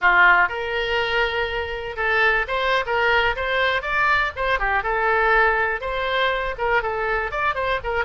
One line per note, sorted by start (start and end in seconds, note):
0.01 0.48 F4
0.48 1.96 A#4
1.96 2.45 A4
2.47 2.84 C5
2.86 3.35 A#4
3.35 3.82 C5
3.82 4.31 D5
4.35 4.59 C5
4.59 4.83 G4
4.83 5.80 A4
5.80 6.55 C5
6.58 6.82 A#4
6.82 7.31 A4
7.31 7.54 D5
7.54 7.79 C5
7.83 8.05 A#4